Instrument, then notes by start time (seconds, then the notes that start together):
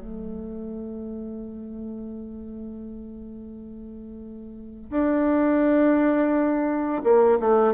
bassoon
0.00 A3
4.91 D4
7.04 A#3
7.40 A3